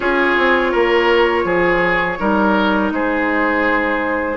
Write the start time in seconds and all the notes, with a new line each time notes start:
0.00 C#4 F4 G#4 C#5
0.37 C4
0.71 A#3 A#4
1.44 F3 G#4
2.19 G3 D#4 A#4
2.91 G#3 G#4 C5